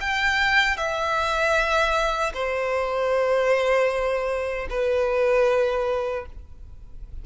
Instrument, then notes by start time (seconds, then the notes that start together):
violin
0.00 G5
0.77 E5
2.34 C5
4.70 B4